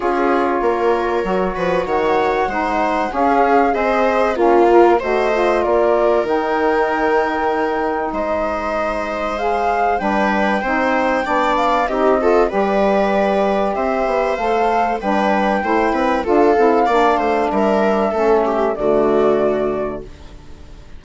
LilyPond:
<<
  \new Staff \with { instrumentName = "flute" } { \time 4/4 \tempo 4 = 96 cis''2. fis''4~ | fis''4 f''4 dis''4 f''4 | dis''4 d''4 g''2~ | g''4 dis''2 f''4 |
g''2~ g''8 f''8 dis''4 | d''2 e''4 f''4 | g''2 f''2 | e''2 d''2 | }
  \new Staff \with { instrumentName = "viola" } { \time 4/4 gis'4 ais'4. b'8 cis''4 | c''4 gis'4 c''4 f'4 | c''4 ais'2.~ | ais'4 c''2. |
b'4 c''4 d''4 g'8 a'8 | b'2 c''2 | b'4 c''8 b'8 a'4 d''8 c''8 | ais'4 a'8 g'8 fis'2 | }
  \new Staff \with { instrumentName = "saxophone" } { \time 4/4 f'2 fis'2 | dis'4 cis'4 gis'4 cis'8 ais'8 | fis'8 f'4. dis'2~ | dis'2. gis'4 |
d'4 dis'4 d'4 dis'8 f'8 | g'2. a'4 | d'4 e'4 f'8 e'8 d'4~ | d'4 cis'4 a2 | }
  \new Staff \with { instrumentName = "bassoon" } { \time 4/4 cis'4 ais4 fis8 f8 dis4 | gis4 cis'4 c'4 ais4 | a4 ais4 dis2~ | dis4 gis2. |
g4 c'4 b4 c'4 | g2 c'8 b8 a4 | g4 a8 c'8 d'8 c'8 ais8 a8 | g4 a4 d2 | }
>>